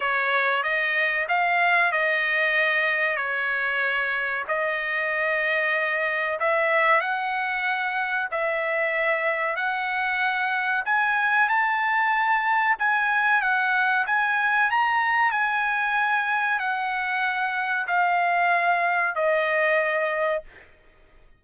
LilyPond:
\new Staff \with { instrumentName = "trumpet" } { \time 4/4 \tempo 4 = 94 cis''4 dis''4 f''4 dis''4~ | dis''4 cis''2 dis''4~ | dis''2 e''4 fis''4~ | fis''4 e''2 fis''4~ |
fis''4 gis''4 a''2 | gis''4 fis''4 gis''4 ais''4 | gis''2 fis''2 | f''2 dis''2 | }